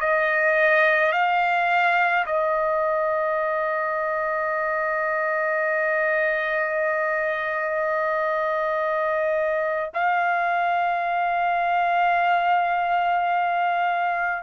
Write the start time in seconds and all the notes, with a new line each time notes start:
0.00 D#5
1.13 F5
2.26 D#5
9.94 F5